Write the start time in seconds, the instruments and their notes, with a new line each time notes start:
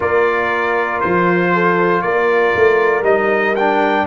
0.00 tuba A#3, trombone F4, horn A#4, trumpet D5
1.00 tuba F3, trumpet C5
1.53 horn A4
2.01 tuba A#3, horn A#4, trumpet D5
2.55 tuba A3
3.01 tuba G3, trombone D#4, trumpet D#5
3.55 trombone D4, trumpet G5